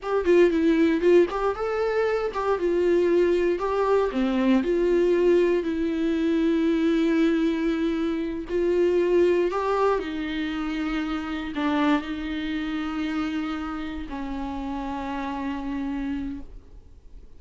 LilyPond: \new Staff \with { instrumentName = "viola" } { \time 4/4 \tempo 4 = 117 g'8 f'8 e'4 f'8 g'8 a'4~ | a'8 g'8 f'2 g'4 | c'4 f'2 e'4~ | e'1~ |
e'8 f'2 g'4 dis'8~ | dis'2~ dis'8 d'4 dis'8~ | dis'2.~ dis'8 cis'8~ | cis'1 | }